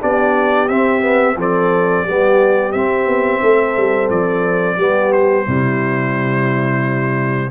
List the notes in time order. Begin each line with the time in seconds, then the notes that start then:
0.00 B3 D4 G4 D5
0.68 C4 E5
1.01 B3
1.36 F3 C4 A4 D5
2.04 G3 B3 G4
2.72 C4 E5
3.06 B3
3.42 A3 A4
3.77 G3
4.10 F3 D5
4.77 G3 B3 G4
5.12 C5
5.46 C3 G3 E4